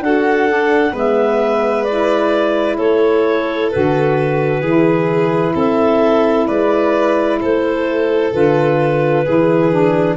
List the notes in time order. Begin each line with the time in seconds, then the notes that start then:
0.00 D4 F#4 A4 F#5
0.48 D4
0.92 G#3 B3 B4 E5
1.83 E4 D5
2.77 A3 A4 C#5
3.70 D3 F#4 B4
4.60 E3 E4 G#4
5.55 C4 A4 E5
6.47 G#3 B4 D5
7.41 A3 A4 C5
8.32 D3 F4 B4
9.24 E3 E4 G#4
9.71 D4